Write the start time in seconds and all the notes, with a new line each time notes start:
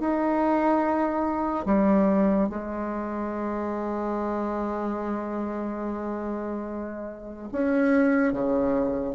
0.00 D#4
1.66 G3
2.49 G#3
7.52 C#4
8.33 C#3